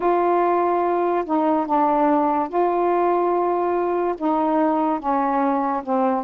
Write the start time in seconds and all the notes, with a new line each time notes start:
0.00 F4
1.25 D#4
1.66 D4
2.48 F4
4.17 D#4
4.99 C#4
5.83 C4